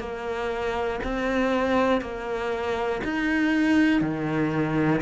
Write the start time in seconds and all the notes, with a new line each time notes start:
0.00 A#3
1.04 C4
2.01 A#3
3.05 D#4
4.01 D#3